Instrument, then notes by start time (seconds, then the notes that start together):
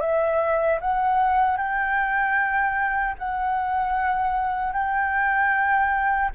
flute
0.00 E5
0.80 F#5
1.57 G5
3.18 F#5
4.73 G5